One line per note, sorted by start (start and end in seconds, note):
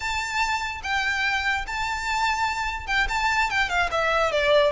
0.00 0.81 A5
0.83 1.65 G5
1.66 2.86 A5
2.86 3.07 G5
3.08 3.50 A5
3.50 3.69 G5
3.69 3.89 F5
3.91 4.31 E5
4.31 4.71 D5